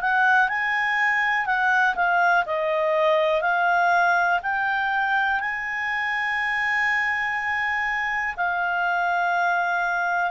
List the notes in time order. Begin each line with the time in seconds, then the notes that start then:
0.00 F#5
0.48 G#5
1.45 F#5
1.95 F5
2.45 D#5
3.41 F5
4.42 G5
5.40 G#5
8.36 F5